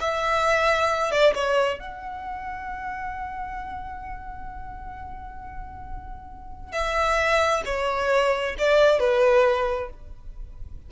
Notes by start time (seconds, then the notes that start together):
0.00 E5
1.11 D5
1.35 C#5
1.79 F#5
6.72 E5
7.65 C#5
8.58 D5
8.99 B4